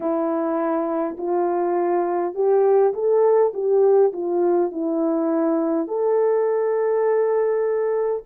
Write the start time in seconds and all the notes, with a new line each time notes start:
0.00 E4
1.17 F4
2.34 G4
2.94 A4
3.53 G4
4.12 F4
4.71 E4
5.87 A4